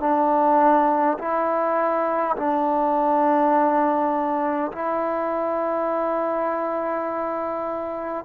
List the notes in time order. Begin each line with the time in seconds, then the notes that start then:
0.00 D4
1.18 E4
2.36 D4
4.72 E4